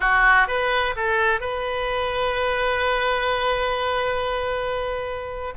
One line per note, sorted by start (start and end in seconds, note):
0.00 0.47 F#4
0.47 0.94 B4
0.96 1.40 A4
1.40 5.54 B4